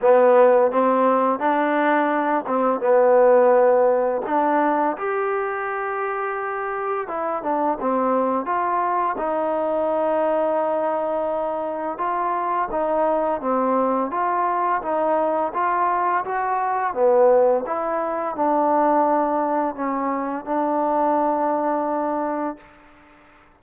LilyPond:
\new Staff \with { instrumentName = "trombone" } { \time 4/4 \tempo 4 = 85 b4 c'4 d'4. c'8 | b2 d'4 g'4~ | g'2 e'8 d'8 c'4 | f'4 dis'2.~ |
dis'4 f'4 dis'4 c'4 | f'4 dis'4 f'4 fis'4 | b4 e'4 d'2 | cis'4 d'2. | }